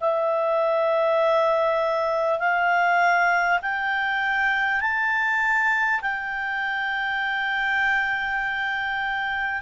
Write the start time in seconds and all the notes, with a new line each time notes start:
0.00 E5
2.39 F5
3.62 G5
4.80 A5
6.01 G5